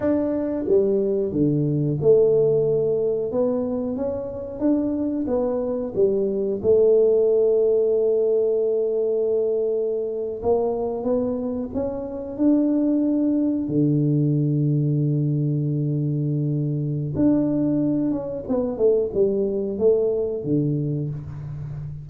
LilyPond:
\new Staff \with { instrumentName = "tuba" } { \time 4/4 \tempo 4 = 91 d'4 g4 d4 a4~ | a4 b4 cis'4 d'4 | b4 g4 a2~ | a2.~ a8. ais16~ |
ais8. b4 cis'4 d'4~ d'16~ | d'8. d2.~ d16~ | d2 d'4. cis'8 | b8 a8 g4 a4 d4 | }